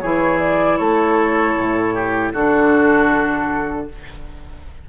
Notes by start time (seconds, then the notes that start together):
0.00 E3 E4 G#4 C#5
0.39 D5
0.77 A3 A4 C#5
1.57 A2
1.94 G4
2.33 D3 D4 F#4 A4